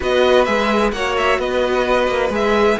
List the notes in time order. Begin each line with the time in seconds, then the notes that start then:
0.00 B3 F#4 B4 D#5
0.44 G#3 G#4 E5
0.92 A#3 F#4 C#5 F#5
1.17 E5
1.38 B3 B4 D#5
2.08 A#3
2.29 G#3 G#4 E5